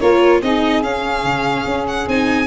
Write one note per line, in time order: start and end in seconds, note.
0.00 0.42 A#3
0.00 0.43 F4
0.00 0.41 A#4
0.00 0.42 C#5
0.42 0.83 C4
0.42 0.83 D#4
0.42 2.47 G#4
0.42 0.84 D#5
0.83 1.24 C#4
0.83 2.07 C#4
0.83 1.87 F5
1.24 1.66 C#3
1.66 2.07 C#4
1.88 2.09 F#5
2.08 2.47 C4
2.08 2.47 D#4
2.08 2.47 G#5